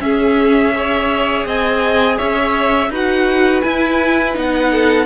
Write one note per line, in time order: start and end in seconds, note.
0.00 1.45 C#4
0.00 0.72 C#4
0.00 0.75 G#4
0.00 1.45 E5
0.72 2.89 G#4
0.72 1.46 C#5
1.45 2.17 C4
1.45 2.17 D#5
1.45 2.18 G#5
2.17 2.89 C#4
2.17 2.89 C#5
2.17 2.90 E5
2.89 3.62 D#4
2.89 3.64 F#4
2.89 4.71 B4
2.89 3.61 F#5
3.61 4.33 E4
3.61 4.36 E4
3.61 4.33 G#5
4.33 5.05 B3
4.33 5.05 D#4
4.33 5.05 F#5
4.71 5.05 A4